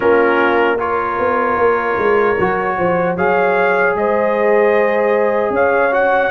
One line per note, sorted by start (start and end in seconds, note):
0.00 1.18 A#3
0.00 0.78 C#4
0.00 0.77 F4
0.00 0.78 A#4
0.78 2.36 F4
0.78 2.77 A#4
0.78 3.16 C#5
1.18 1.55 B3
1.55 1.95 A#3
1.98 2.37 G#3
2.39 2.78 F#3
2.39 3.17 F#4
2.77 3.16 F3
2.77 3.15 C5
3.15 3.95 F#3
3.15 5.91 G#4
3.15 3.94 C#5
3.15 3.96 F5
3.95 5.50 G#3
3.95 5.53 C5
3.95 5.54 D#5
5.50 6.28 C#4
5.50 6.31 C#5
5.50 5.93 F5
5.91 6.30 F#4
5.91 6.31 F#5